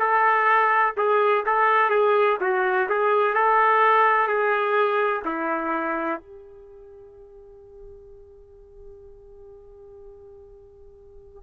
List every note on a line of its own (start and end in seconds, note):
0.00 0.95 A4
0.97 1.45 G#4
1.46 1.90 A4
1.90 2.38 G#4
2.41 2.89 F#4
2.89 3.35 G#4
3.35 4.28 A4
4.28 5.23 G#4
5.26 6.20 E4
6.20 11.43 G4